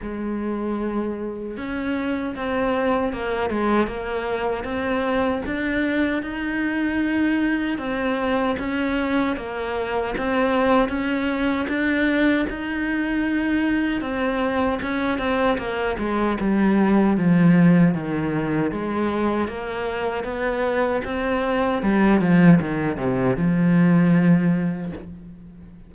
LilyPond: \new Staff \with { instrumentName = "cello" } { \time 4/4 \tempo 4 = 77 gis2 cis'4 c'4 | ais8 gis8 ais4 c'4 d'4 | dis'2 c'4 cis'4 | ais4 c'4 cis'4 d'4 |
dis'2 c'4 cis'8 c'8 | ais8 gis8 g4 f4 dis4 | gis4 ais4 b4 c'4 | g8 f8 dis8 c8 f2 | }